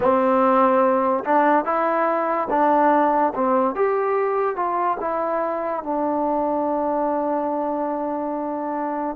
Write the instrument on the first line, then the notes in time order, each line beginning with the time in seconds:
trombone
0.00 C4
1.24 D4
1.64 E4
2.50 D4
3.34 C4
3.75 G4
4.56 F4
5.00 E4
5.83 D4